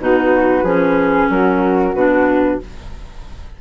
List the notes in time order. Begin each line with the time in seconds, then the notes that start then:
0.00 B2 D#4 F#4 B4
0.64 F3 C#4 G#4
1.30 F#3 F#4 A#4
1.94 B2 D4 B4